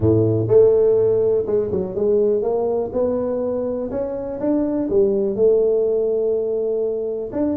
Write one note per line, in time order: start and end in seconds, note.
0.00 0.47 A2
0.47 1.45 A3
1.46 1.70 G#3
1.71 1.95 F#3
1.95 2.42 G#3
2.42 2.90 A#3
2.92 3.90 B3
3.90 4.39 C#4
4.39 4.88 D4
4.89 5.35 G3
5.35 7.30 A3
7.32 7.57 D4